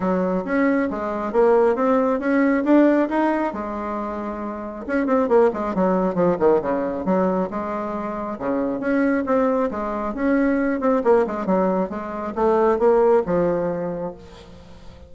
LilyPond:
\new Staff \with { instrumentName = "bassoon" } { \time 4/4 \tempo 4 = 136 fis4 cis'4 gis4 ais4 | c'4 cis'4 d'4 dis'4 | gis2. cis'8 c'8 | ais8 gis8 fis4 f8 dis8 cis4 |
fis4 gis2 cis4 | cis'4 c'4 gis4 cis'4~ | cis'8 c'8 ais8 gis8 fis4 gis4 | a4 ais4 f2 | }